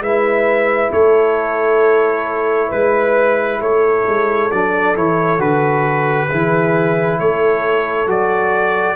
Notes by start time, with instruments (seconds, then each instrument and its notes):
0.00 tuba G#3, trombone E4, horn B4, trumpet E5
0.92 tuba A3, horn A4, trumpet C#5
2.69 tuba G#3, horn B4, trumpet B4
3.61 tuba A3, horn A4, trumpet C#5
4.07 tuba G#3
4.52 tuba F#3, trombone D4, trumpet D5
4.95 tuba E3, trombone E4, trumpet C#5
5.39 tuba D3, trombone F#4, trumpet B4
6.29 tuba E3, trombone E4, horn G#4
7.20 tuba A3, horn A4, trumpet C#5
8.07 tuba F#3, trombone F#4, trumpet D5